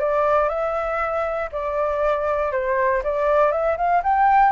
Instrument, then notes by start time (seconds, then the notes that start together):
flute
0.00 D5
0.49 E5
1.52 D5
2.52 C5
3.04 D5
3.52 E5
3.78 F5
4.03 G5